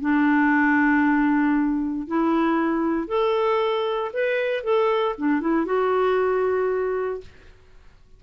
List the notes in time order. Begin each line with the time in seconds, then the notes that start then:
0.00 D4
2.07 E4
3.07 A4
4.13 B4
4.63 A4
5.18 D4
5.40 E4
5.65 F#4